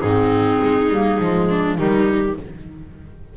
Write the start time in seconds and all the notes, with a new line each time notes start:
0.00 G#2 C4 D#4 G#4
0.63 G#3
0.90 G3 A#3
1.19 F3 G#3
1.50 D4
1.76 D#3 G3 D#4 G4